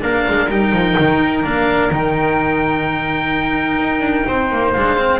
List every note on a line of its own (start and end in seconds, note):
0.00 0.26 A#3
0.00 0.47 D4
0.00 4.27 A#4
0.00 0.50 F5
0.29 0.49 G#3
0.49 0.72 G3
0.49 1.43 D#4
0.49 1.45 G5
0.72 0.95 F3
0.99 1.46 D#3
1.43 1.91 A#3
1.43 1.90 D4
1.43 1.92 F5
1.91 3.80 D#3
1.91 4.76 D#4
1.91 4.73 G5
3.80 4.00 D#4
4.00 4.24 D4
4.27 4.51 C4
4.27 5.20 C5
4.51 4.75 A#3
4.73 5.20 G#3
4.73 4.98 D4
4.73 5.20 F5
4.98 5.20 C4